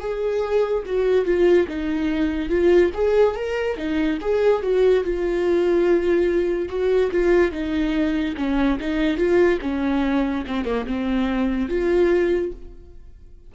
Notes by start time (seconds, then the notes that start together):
0.00 G#4
0.86 F#4
1.25 F4
1.68 D#4
2.49 F4
2.94 G#4
3.36 A#4
3.77 D#4
4.21 G#4
4.62 F#4
5.04 F4
6.69 F#4
7.11 F4
7.52 D#4
8.37 C#4
8.80 D#4
9.17 F4
9.61 C#4
10.47 C4
10.65 A#3
10.86 C4
11.69 F4